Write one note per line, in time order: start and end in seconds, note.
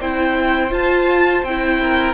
0.00 0.71 C4
0.00 0.71 E4
0.00 1.81 C5
0.00 0.73 G5
0.71 1.43 F4
0.71 1.44 A5
1.43 2.14 C4
1.43 2.14 E4
1.43 2.14 G5
1.82 2.14 A#4